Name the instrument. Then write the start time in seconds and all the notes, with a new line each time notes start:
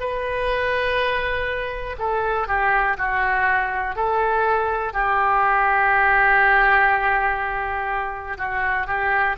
oboe
0.00 B4
1.99 A4
2.48 G4
2.98 F#4
3.96 A4
4.94 G4
8.38 F#4
8.87 G4